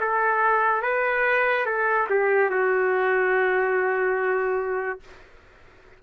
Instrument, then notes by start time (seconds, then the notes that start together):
trumpet
0.00 A4
0.82 B4
1.66 A4
2.09 G4
2.50 F#4